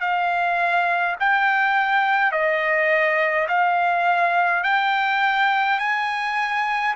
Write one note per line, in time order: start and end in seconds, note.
0.00 1.15 F5
1.20 2.31 G5
2.31 3.47 D#5
3.48 4.63 F5
4.63 5.78 G5
5.78 6.94 G#5